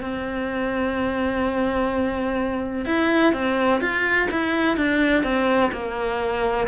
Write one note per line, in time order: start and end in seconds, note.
0.00 2.85 C4
2.85 3.33 E4
3.33 3.81 C4
3.81 4.29 F4
4.31 4.77 E4
4.77 5.23 D4
5.23 5.71 C4
5.72 6.67 A#3